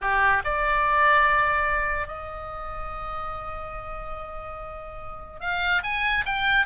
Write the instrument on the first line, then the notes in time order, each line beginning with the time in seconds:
oboe
0.01 G4
0.44 D5
2.07 D#5
5.40 F5
5.83 G#5
6.25 G5